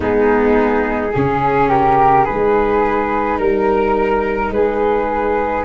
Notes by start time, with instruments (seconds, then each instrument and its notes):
0.00 tuba G#3, viola B3, flute D#4 G#4
1.13 tuba C#3, viola C#4, flute G#4
1.69 flute G4 A#4
2.24 tuba G#3, viola D#4, flute G#4 B4
3.38 tuba G3, flute A#4
4.50 tuba G#3, flute G#4 B4